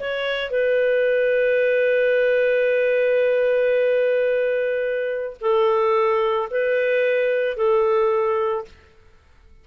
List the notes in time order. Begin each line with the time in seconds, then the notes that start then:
0.00 C#5
0.50 B4
5.41 A4
6.50 B4
7.57 A4